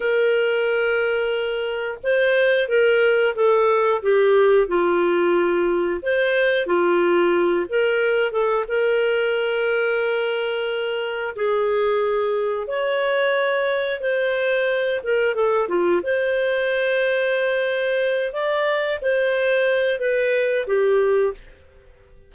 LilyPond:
\new Staff \with { instrumentName = "clarinet" } { \time 4/4 \tempo 4 = 90 ais'2. c''4 | ais'4 a'4 g'4 f'4~ | f'4 c''4 f'4. ais'8~ | ais'8 a'8 ais'2.~ |
ais'4 gis'2 cis''4~ | cis''4 c''4. ais'8 a'8 f'8 | c''2.~ c''8 d''8~ | d''8 c''4. b'4 g'4 | }